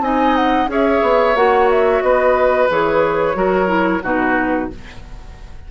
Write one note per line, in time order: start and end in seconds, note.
0.00 0.67 C4
0.00 0.67 D#4
0.00 0.70 D#5
0.00 0.35 G#5
0.35 0.69 F#5
0.67 1.00 C#4
0.67 1.34 G#4
0.67 2.03 C#5
0.67 1.36 E5
1.02 1.34 B3
1.34 2.01 A#3
1.34 2.69 F#4
1.34 1.69 F#5
1.70 2.01 E5
2.01 2.68 B3
2.01 3.37 B4
2.01 2.68 D#5
2.69 3.35 E3
2.69 3.34 G#4
2.69 4.04 C#5
3.34 4.01 F#3
3.34 3.66 F#4
3.34 4.02 A#4
3.66 4.00 E4
4.02 4.69 B2
4.02 4.70 D#4
4.02 4.69 F#4
4.02 4.70 B4